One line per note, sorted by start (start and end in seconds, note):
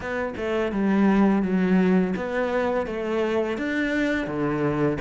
0.00 0.34 B3
0.36 0.71 A3
0.71 1.42 G3
1.42 2.14 F#3
2.16 2.86 B3
2.86 3.57 A3
3.57 4.26 D4
4.26 4.98 D3